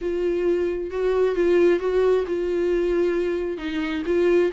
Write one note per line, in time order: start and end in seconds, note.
0.01 0.90 F4
0.90 1.35 F#4
1.35 1.79 F4
1.79 2.24 F#4
2.27 3.57 F4
3.57 4.02 D#4
4.06 4.51 F4